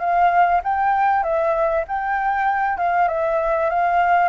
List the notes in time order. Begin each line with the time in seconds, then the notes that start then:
0.00 F5
0.63 G5
1.23 E5
1.88 G5
2.77 F5
3.08 E5
3.69 F5